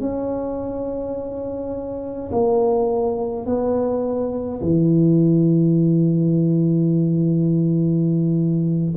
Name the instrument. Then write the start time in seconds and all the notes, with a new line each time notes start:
tuba
0.00 C#4
2.32 A#3
3.46 B3
4.61 E3